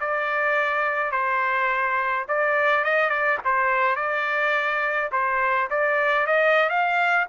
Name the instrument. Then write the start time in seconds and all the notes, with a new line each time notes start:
trumpet
0.00 D5
1.11 C5
2.28 D5
2.84 D#5
3.09 D5
3.44 C5
3.96 D5
5.12 C5
5.70 D5
6.26 D#5
6.69 F5